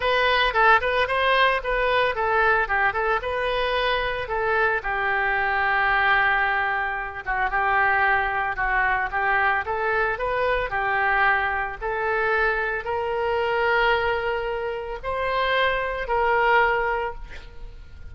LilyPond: \new Staff \with { instrumentName = "oboe" } { \time 4/4 \tempo 4 = 112 b'4 a'8 b'8 c''4 b'4 | a'4 g'8 a'8 b'2 | a'4 g'2.~ | g'4. fis'8 g'2 |
fis'4 g'4 a'4 b'4 | g'2 a'2 | ais'1 | c''2 ais'2 | }